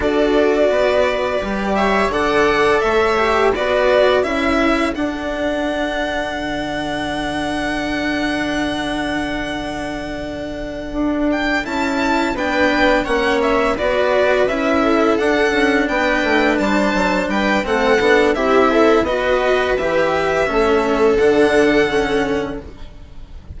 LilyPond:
<<
  \new Staff \with { instrumentName = "violin" } { \time 4/4 \tempo 4 = 85 d''2~ d''8 e''8 fis''4 | e''4 d''4 e''4 fis''4~ | fis''1~ | fis''1 |
g''8 a''4 g''4 fis''8 e''8 d''8~ | d''8 e''4 fis''4 g''4 a''8~ | a''8 g''8 fis''4 e''4 dis''4 | e''2 fis''2 | }
  \new Staff \with { instrumentName = "viola" } { \time 4/4 a'4 b'4. cis''8 d''4 | cis''4 b'4 a'2~ | a'1~ | a'1~ |
a'4. b'4 cis''4 b'8~ | b'4 a'4. b'4 c''8~ | c''8 b'8 a'4 g'8 a'8 b'4~ | b'4 a'2. | }
  \new Staff \with { instrumentName = "cello" } { \time 4/4 fis'2 g'4 a'4~ | a'8 g'8 fis'4 e'4 d'4~ | d'1~ | d'1~ |
d'8 e'4 d'4 cis'4 fis'8~ | fis'8 e'4 d'2~ d'8~ | d'4 c'8 d'8 e'4 fis'4 | g'4 cis'4 d'4 cis'4 | }
  \new Staff \with { instrumentName = "bassoon" } { \time 4/4 d'4 b4 g4 d4 | a4 b4 cis'4 d'4~ | d'4 d2.~ | d2.~ d8 d'8~ |
d'8 cis'4 b4 ais4 b8~ | b8 cis'4 d'8 cis'8 b8 a8 g8 | fis8 g8 a8 b8 c'4 b4 | e4 a4 d2 | }
>>